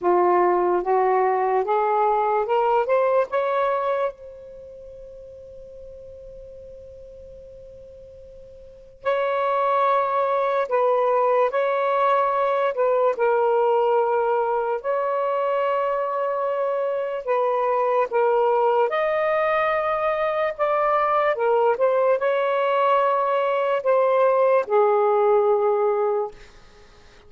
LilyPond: \new Staff \with { instrumentName = "saxophone" } { \time 4/4 \tempo 4 = 73 f'4 fis'4 gis'4 ais'8 c''8 | cis''4 c''2.~ | c''2. cis''4~ | cis''4 b'4 cis''4. b'8 |
ais'2 cis''2~ | cis''4 b'4 ais'4 dis''4~ | dis''4 d''4 ais'8 c''8 cis''4~ | cis''4 c''4 gis'2 | }